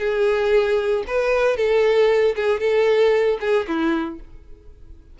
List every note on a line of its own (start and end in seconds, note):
0.00 1.04 G#4
1.08 1.57 B4
1.57 2.35 A4
2.36 2.60 G#4
2.60 3.39 A4
3.41 3.67 G#4
3.68 4.20 E4